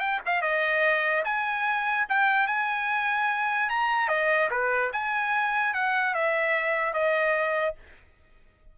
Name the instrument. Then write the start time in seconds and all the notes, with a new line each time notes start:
trumpet
0.00 G5
0.26 F5
0.42 D#5
1.24 G#5
2.09 G5
2.47 G#5
3.69 A#5
4.08 D#5
4.51 B4
4.93 G#5
5.74 F#5
6.14 E5
6.93 D#5